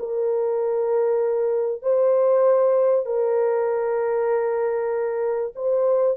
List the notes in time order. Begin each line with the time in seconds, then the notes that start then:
0.00 A#4
1.83 C5
3.06 A#4
5.56 C5